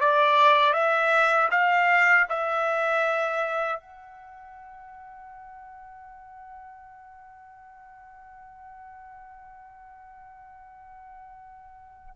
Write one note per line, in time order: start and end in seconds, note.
0.00 0.73 D5
0.73 1.49 E5
1.51 2.27 F5
2.29 3.79 E5
3.79 12.15 F#5